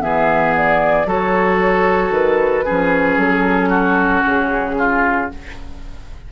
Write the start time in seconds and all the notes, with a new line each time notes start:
0.00 E3 B3 G#4 E5
0.57 D5
1.05 F#3 F#4 A4 C#5
2.11 D#3 B4
2.65 F3 C#4 G#4
3.17 F#3 A4
3.70 F#4
4.25 C#3 G#4
4.79 F4